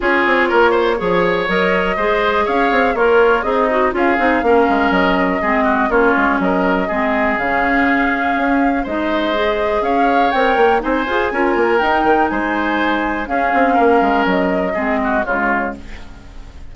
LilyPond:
<<
  \new Staff \with { instrumentName = "flute" } { \time 4/4 \tempo 4 = 122 cis''2. dis''4~ | dis''4 f''4 cis''4 dis''4 | f''2 dis''2 | cis''4 dis''2 f''4~ |
f''2 dis''2 | f''4 g''4 gis''2 | g''4 gis''2 f''4~ | f''4 dis''2 cis''4 | }
  \new Staff \with { instrumentName = "oboe" } { \time 4/4 gis'4 ais'8 c''8 cis''2 | c''4 cis''4 f'4 dis'4 | gis'4 ais'2 gis'8 fis'8 | f'4 ais'4 gis'2~ |
gis'2 c''2 | cis''2 c''4 ais'4~ | ais'4 c''2 gis'4 | ais'2 gis'8 fis'8 f'4 | }
  \new Staff \with { instrumentName = "clarinet" } { \time 4/4 f'2 gis'4 ais'4 | gis'2 ais'4 gis'8 fis'8 | f'8 dis'8 cis'2 c'4 | cis'2 c'4 cis'4~ |
cis'2 dis'4 gis'4~ | gis'4 ais'4 dis'8 gis'8 f'4 | dis'2. cis'4~ | cis'2 c'4 gis4 | }
  \new Staff \with { instrumentName = "bassoon" } { \time 4/4 cis'8 c'8 ais4 f4 fis4 | gis4 cis'8 c'8 ais4 c'4 | cis'8 c'8 ais8 gis8 fis4 gis4 | ais8 gis8 fis4 gis4 cis4~ |
cis4 cis'4 gis2 | cis'4 c'8 ais8 c'8 f'8 cis'8 ais8 | dis'8 dis8 gis2 cis'8 c'8 | ais8 gis8 fis4 gis4 cis4 | }
>>